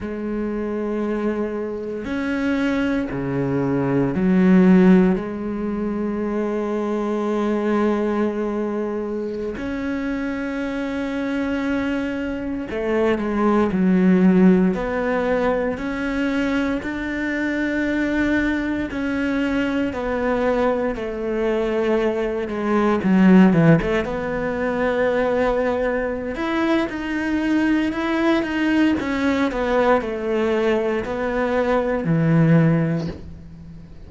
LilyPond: \new Staff \with { instrumentName = "cello" } { \time 4/4 \tempo 4 = 58 gis2 cis'4 cis4 | fis4 gis2.~ | gis4~ gis16 cis'2~ cis'8.~ | cis'16 a8 gis8 fis4 b4 cis'8.~ |
cis'16 d'2 cis'4 b8.~ | b16 a4. gis8 fis8 e16 a16 b8.~ | b4. e'8 dis'4 e'8 dis'8 | cis'8 b8 a4 b4 e4 | }